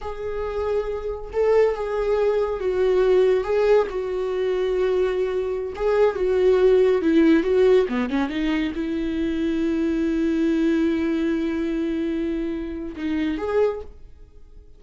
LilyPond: \new Staff \with { instrumentName = "viola" } { \time 4/4 \tempo 4 = 139 gis'2. a'4 | gis'2 fis'2 | gis'4 fis'2.~ | fis'4~ fis'16 gis'4 fis'4.~ fis'16~ |
fis'16 e'4 fis'4 b8 cis'8 dis'8.~ | dis'16 e'2.~ e'8.~ | e'1~ | e'2 dis'4 gis'4 | }